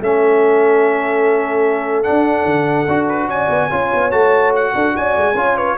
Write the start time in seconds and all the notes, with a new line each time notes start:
0.00 A3 C#4 A4 E5
2.03 D4 F#5
2.09 D4
2.45 D3
2.87 D4 F#4
3.08 B4
3.27 C#4 D5 G#5
3.49 B3
3.69 C#4 F4 C#5
3.93 B3
4.11 A3 F#4 A5
4.55 F#5
4.73 D4 A4
4.96 C#4 D5 G#5
5.17 G#3
5.34 C#4 F4 C#5
5.55 B4 C#5